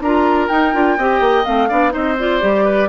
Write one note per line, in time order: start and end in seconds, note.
0.00 0.48 D4
0.00 0.50 F4
0.00 0.97 A#4
0.00 0.49 A#5
0.49 0.73 D#4
0.49 0.74 D#4
0.49 1.45 G5
0.73 0.98 D4
0.73 0.97 F4
0.97 1.20 C4
0.97 1.44 G4
0.97 1.68 D#5
1.20 1.44 A#3
1.44 1.71 A3
1.44 1.68 C4
1.44 1.93 F5
1.68 1.95 B3
1.68 1.90 D4
1.68 1.92 D5
1.90 2.42 C4
1.90 2.14 D#4
1.90 2.64 C5
1.90 2.17 D#5
2.19 2.40 F4
2.19 2.89 D5
2.40 2.89 G3
2.40 2.88 G4
2.64 2.88 B4